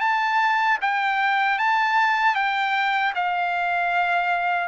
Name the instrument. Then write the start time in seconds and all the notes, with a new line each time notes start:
trumpet
0.00 A5
0.81 G5
1.58 A5
2.35 G5
3.15 F5